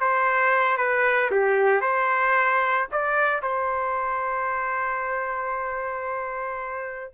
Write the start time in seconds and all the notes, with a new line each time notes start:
0.00 C5
0.77 B4
1.31 G4
1.81 C5
2.92 D5
3.42 C5